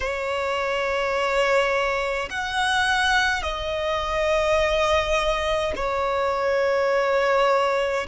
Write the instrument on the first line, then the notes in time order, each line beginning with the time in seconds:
violin
0.00 C#5
2.30 F#5
3.42 D#5
5.76 C#5